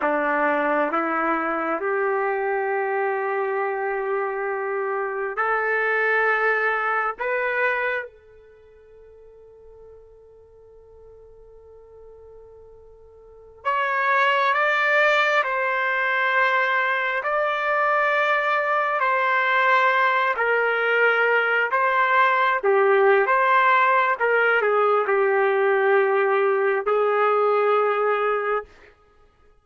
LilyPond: \new Staff \with { instrumentName = "trumpet" } { \time 4/4 \tempo 4 = 67 d'4 e'4 g'2~ | g'2 a'2 | b'4 a'2.~ | a'2.~ a'16 cis''8.~ |
cis''16 d''4 c''2 d''8.~ | d''4~ d''16 c''4. ais'4~ ais'16~ | ais'16 c''4 g'8. c''4 ais'8 gis'8 | g'2 gis'2 | }